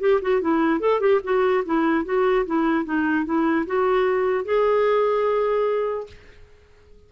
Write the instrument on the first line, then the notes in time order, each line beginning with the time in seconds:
clarinet
0.00 G4
0.22 F#4
0.41 E4
0.80 A4
1.00 G4
1.23 F#4
1.65 E4
2.05 F#4
2.46 E4
2.85 D#4
3.25 E4
3.66 F#4
4.45 G#4